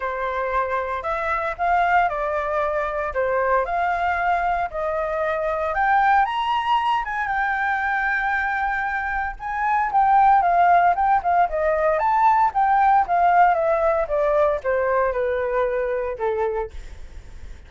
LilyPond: \new Staff \with { instrumentName = "flute" } { \time 4/4 \tempo 4 = 115 c''2 e''4 f''4 | d''2 c''4 f''4~ | f''4 dis''2 g''4 | ais''4. gis''8 g''2~ |
g''2 gis''4 g''4 | f''4 g''8 f''8 dis''4 a''4 | g''4 f''4 e''4 d''4 | c''4 b'2 a'4 | }